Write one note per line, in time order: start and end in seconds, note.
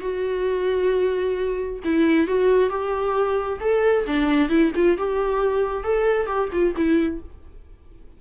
0.00 1.79 F#4
1.84 2.27 E4
2.27 2.69 F#4
2.69 3.59 G4
3.60 4.05 A4
4.06 4.49 D4
4.49 4.71 E4
4.75 4.97 F4
4.97 5.83 G4
5.83 6.26 A4
6.26 6.48 G4
6.52 6.74 F4
6.76 7.20 E4